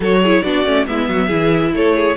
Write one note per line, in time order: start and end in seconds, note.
0.00 0.41 F#3
0.00 0.25 F#4
0.00 0.20 A4
0.00 0.42 C#5
0.22 0.44 E4
0.22 0.43 G#4
0.42 0.65 B3
0.42 0.65 D4
0.42 0.86 F#4
0.42 0.85 D5
0.65 0.86 A3
0.65 0.86 C#4
0.86 1.08 G#3
0.86 1.29 B3
0.86 1.09 E4
0.86 1.73 E5
1.08 1.30 F#3
1.08 1.26 F#4
1.26 1.72 E3
1.26 2.16 E4
1.26 1.70 G#4
1.72 2.16 A3
1.72 1.95 A4
1.72 2.17 C#5
1.95 2.17 G#4